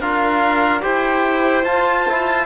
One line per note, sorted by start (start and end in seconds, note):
0.00 0.82 D4
0.00 0.80 F4
0.00 0.82 A#4
0.00 0.82 F5
0.80 1.64 E4
0.80 1.63 G4
0.80 2.45 C5
0.80 1.64 G5
1.64 2.45 F4
1.64 2.06 F4
1.64 2.45 A5
2.08 2.45 E4